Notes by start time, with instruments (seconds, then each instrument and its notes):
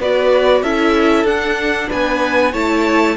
0.00 cello B3, viola F#4, violin B4 D5
0.63 cello C#4, viola E4, violin A4 E5
1.24 cello D4, viola D4, violin F#5
1.89 cello B3, violin B4 G#5
2.52 cello A3, viola E4, violin C#5 A5